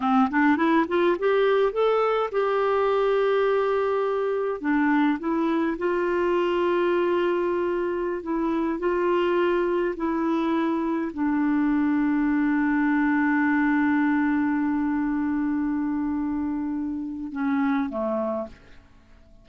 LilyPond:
\new Staff \with { instrumentName = "clarinet" } { \time 4/4 \tempo 4 = 104 c'8 d'8 e'8 f'8 g'4 a'4 | g'1 | d'4 e'4 f'2~ | f'2~ f'16 e'4 f'8.~ |
f'4~ f'16 e'2 d'8.~ | d'1~ | d'1~ | d'2 cis'4 a4 | }